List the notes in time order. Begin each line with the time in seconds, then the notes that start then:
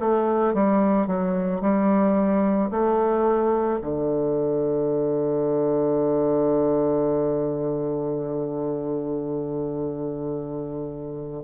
0.00 A3
0.54 G3
1.07 F#3
1.61 G3
2.71 A3
3.82 D3